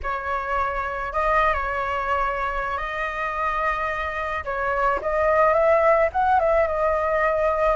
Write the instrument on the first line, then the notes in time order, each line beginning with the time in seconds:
flute
0.03 C#5
1.12 D#5
1.53 C#5
2.77 D#5
4.44 C#5
5.01 D#5
5.53 E5
6.12 F#5
6.39 E5
6.67 D#5